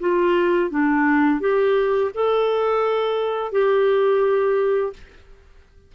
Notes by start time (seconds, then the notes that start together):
0.00 F4
0.71 D4
1.41 G4
2.15 A4
3.52 G4